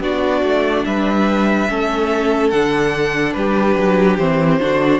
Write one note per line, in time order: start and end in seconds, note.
0.00 0.42 B3
0.00 1.69 D4
0.00 0.86 F#4
0.00 0.85 D5
0.43 0.85 A3
0.85 1.69 G3
0.85 1.70 B4
0.85 2.50 E5
1.69 2.52 A3
1.69 2.52 C#4
1.69 3.36 A4
2.50 3.35 D3
2.50 4.20 D4
2.50 3.33 F#5
3.33 3.76 G3
3.33 4.61 G4
3.33 4.16 B4
3.76 4.18 F#3
4.18 4.60 E3
4.18 4.60 C4
4.18 4.99 C5
4.60 4.99 D3
4.60 4.99 D4
4.60 4.99 F#4